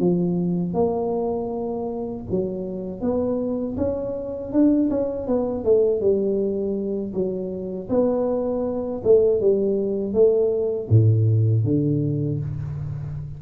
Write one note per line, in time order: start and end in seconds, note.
0.00 0.74 F3
0.74 2.24 A#3
2.31 3.02 F#3
3.02 3.77 B3
3.77 4.52 C#4
4.52 4.90 D4
4.91 5.27 C#4
5.27 5.65 B3
5.65 6.01 A3
6.01 7.14 G3
7.14 7.89 F#3
7.90 9.02 B3
9.04 9.41 A3
9.41 10.14 G3
10.14 10.89 A3
10.90 11.65 A2
11.65 12.40 D3